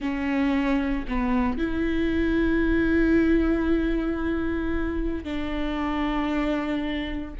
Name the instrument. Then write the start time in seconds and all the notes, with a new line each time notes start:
viola
0.00 C#4
1.08 B3
1.58 E4
5.23 D4